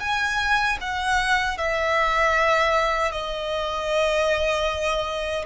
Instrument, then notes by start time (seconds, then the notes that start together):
violin
0.00 G#5
0.81 F#5
1.57 E5
3.12 D#5